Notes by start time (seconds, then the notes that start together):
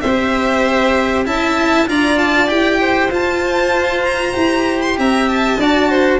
0.00 C4 C5 E5
0.07 G4
1.25 C#4 E4 E5 A5
1.87 D4 F4 D5 A#5
2.18 A5
2.47 E4 G4 G5
2.80 C5
3.10 F4 A5
4.04 A#5
4.33 E4 G4
4.81 C6
4.97 C4 E5 A#5
5.28 A5
5.57 D4 F#4 D5
5.89 C5